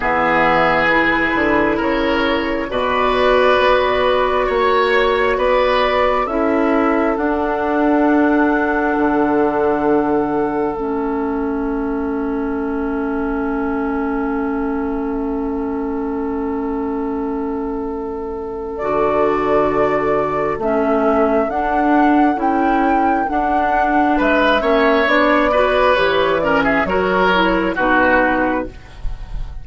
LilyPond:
<<
  \new Staff \with { instrumentName = "flute" } { \time 4/4 \tempo 4 = 67 e''4 b'4 cis''4 d''4~ | d''4 cis''4 d''4 e''4 | fis''1 | e''1~ |
e''1~ | e''4 d''2 e''4 | fis''4 g''4 fis''4 e''4 | d''4 cis''8 d''16 e''16 cis''4 b'4 | }
  \new Staff \with { instrumentName = "oboe" } { \time 4/4 gis'2 ais'4 b'4~ | b'4 cis''4 b'4 a'4~ | a'1~ | a'1~ |
a'1~ | a'1~ | a'2. b'8 cis''8~ | cis''8 b'4 ais'16 gis'16 ais'4 fis'4 | }
  \new Staff \with { instrumentName = "clarinet" } { \time 4/4 b4 e'2 fis'4~ | fis'2. e'4 | d'1 | cis'1~ |
cis'1~ | cis'4 fis'2 cis'4 | d'4 e'4 d'4. cis'8 | d'8 fis'8 g'8 cis'8 fis'8 e'8 dis'4 | }
  \new Staff \with { instrumentName = "bassoon" } { \time 4/4 e4. d8 cis4 b,4 | b4 ais4 b4 cis'4 | d'2 d2 | a1~ |
a1~ | a4 d2 a4 | d'4 cis'4 d'4 gis8 ais8 | b4 e4 fis4 b,4 | }
>>